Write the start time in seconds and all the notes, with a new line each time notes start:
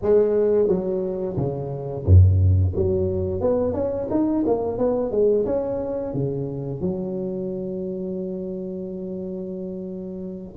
0.02 G#3
0.68 F#3
1.36 C#3
2.05 F#2
2.75 F#3
3.41 B3
3.73 C#4
4.10 D#4
4.46 A#3
4.77 B3
5.11 G#3
5.45 C#4
6.13 C#3
6.81 F#3